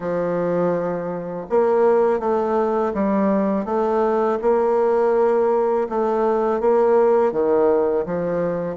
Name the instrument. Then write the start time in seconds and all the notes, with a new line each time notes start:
bassoon
0.00 F3
1.49 A#3
2.19 A3
2.94 G3
3.65 A3
4.41 A#3
5.89 A3
6.60 A#3
7.32 D#3
8.05 F3